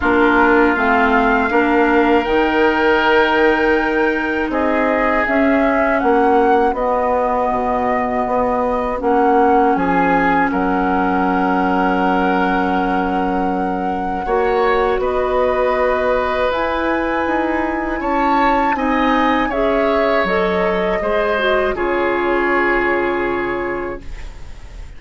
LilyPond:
<<
  \new Staff \with { instrumentName = "flute" } { \time 4/4 \tempo 4 = 80 ais'4 f''2 g''4~ | g''2 dis''4 e''4 | fis''4 dis''2. | fis''4 gis''4 fis''2~ |
fis''1 | dis''2 gis''2 | a''4 gis''4 e''4 dis''4~ | dis''4 cis''2. | }
  \new Staff \with { instrumentName = "oboe" } { \time 4/4 f'2 ais'2~ | ais'2 gis'2 | fis'1~ | fis'4 gis'4 ais'2~ |
ais'2. cis''4 | b'1 | cis''4 dis''4 cis''2 | c''4 gis'2. | }
  \new Staff \with { instrumentName = "clarinet" } { \time 4/4 d'4 c'4 d'4 dis'4~ | dis'2. cis'4~ | cis'4 b2. | cis'1~ |
cis'2. fis'4~ | fis'2 e'2~ | e'4 dis'4 gis'4 a'4 | gis'8 fis'8 f'2. | }
  \new Staff \with { instrumentName = "bassoon" } { \time 4/4 ais4 a4 ais4 dis4~ | dis2 c'4 cis'4 | ais4 b4 b,4 b4 | ais4 f4 fis2~ |
fis2. ais4 | b2 e'4 dis'4 | cis'4 c'4 cis'4 fis4 | gis4 cis2. | }
>>